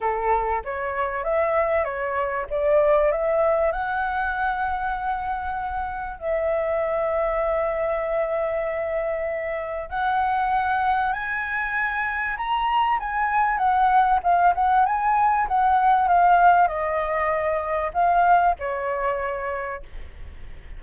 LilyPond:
\new Staff \with { instrumentName = "flute" } { \time 4/4 \tempo 4 = 97 a'4 cis''4 e''4 cis''4 | d''4 e''4 fis''2~ | fis''2 e''2~ | e''1 |
fis''2 gis''2 | ais''4 gis''4 fis''4 f''8 fis''8 | gis''4 fis''4 f''4 dis''4~ | dis''4 f''4 cis''2 | }